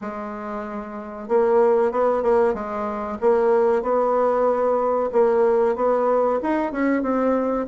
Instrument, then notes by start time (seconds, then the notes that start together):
bassoon
0.01 G#3
1.28 A#3
1.91 B3
2.23 A#3
2.54 G#3
3.21 A#3
3.82 B3
5.12 A#3
5.75 B3
6.42 D#4
6.72 C#4
7.02 C4